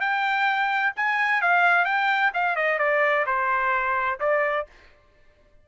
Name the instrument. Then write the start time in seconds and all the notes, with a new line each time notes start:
trumpet
0.00 G5
0.96 G#5
1.41 F5
1.85 G5
2.34 F5
2.55 D#5
2.78 D5
3.26 C5
4.20 D5